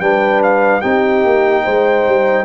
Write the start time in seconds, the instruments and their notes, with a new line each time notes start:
0.00 tuba G3, trombone D4, horn B4, trumpet G5
0.43 trumpet F5
0.81 tuba C4, trombone D#4, horn G4, trumpet G5
1.24 tuba A#3
1.64 tuba G#3, horn C5
2.07 tuba G3